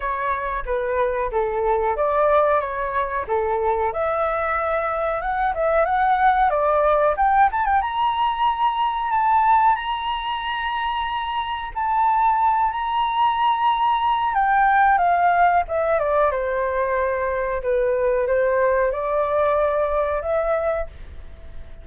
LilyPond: \new Staff \with { instrumentName = "flute" } { \time 4/4 \tempo 4 = 92 cis''4 b'4 a'4 d''4 | cis''4 a'4 e''2 | fis''8 e''8 fis''4 d''4 g''8 a''16 g''16 | ais''2 a''4 ais''4~ |
ais''2 a''4. ais''8~ | ais''2 g''4 f''4 | e''8 d''8 c''2 b'4 | c''4 d''2 e''4 | }